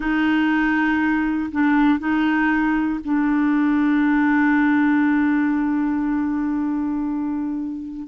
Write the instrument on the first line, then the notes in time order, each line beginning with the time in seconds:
clarinet
0.00 D#4
1.51 D4
1.99 D#4
3.04 D4